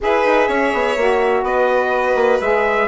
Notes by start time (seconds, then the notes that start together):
0.00 E4 G#4 B4 E5
0.25 D#4
0.48 C#4 C#5
0.73 B3
0.96 A#3 F#4
1.42 B3 B4 D#5
2.14 A#3
2.40 G#3 G#4 E5